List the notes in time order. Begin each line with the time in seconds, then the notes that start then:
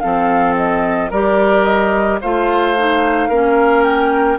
0.00 F3 C4 A4 F5
0.57 D#5
1.11 G3 G4 A#4 D5
1.65 D#5
2.21 A3 F4 C5 F5
2.77 D#4
3.29 A#3 C#4 A#4
3.84 G5